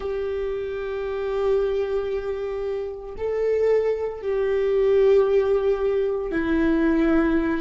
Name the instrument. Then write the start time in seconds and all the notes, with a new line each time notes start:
viola
0.00 G4
3.17 A4
4.22 G4
6.32 E4